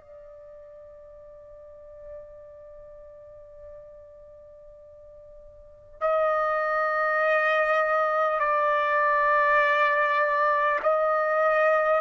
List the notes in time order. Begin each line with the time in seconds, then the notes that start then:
0.00 D5
6.00 D#5
8.39 D5
10.83 D#5